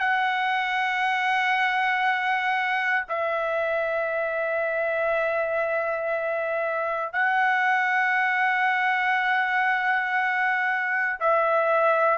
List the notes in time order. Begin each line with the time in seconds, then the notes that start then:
0.00 F#5
3.09 E5
7.13 F#5
11.20 E5